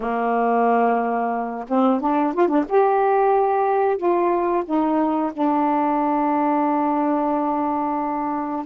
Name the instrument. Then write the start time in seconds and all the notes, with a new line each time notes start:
saxophone
0.00 A#3
1.68 C4
2.00 D4
2.33 F4
2.48 D4
2.68 G4
3.97 F4
4.65 D#4
5.32 D4